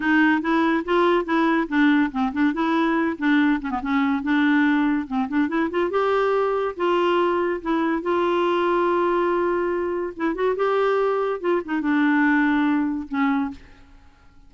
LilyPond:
\new Staff \with { instrumentName = "clarinet" } { \time 4/4 \tempo 4 = 142 dis'4 e'4 f'4 e'4 | d'4 c'8 d'8 e'4. d'8~ | d'8 cis'16 b16 cis'4 d'2 | c'8 d'8 e'8 f'8 g'2 |
f'2 e'4 f'4~ | f'1 | e'8 fis'8 g'2 f'8 dis'8 | d'2. cis'4 | }